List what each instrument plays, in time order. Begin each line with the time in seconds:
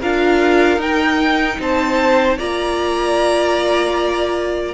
0.00 cello D4, viola F4, violin A#4 F5
0.78 cello D#4, viola D#4, violin G5
1.60 cello C4, violin C5 A5
2.38 cello A#3, viola F4, violin D5 A#5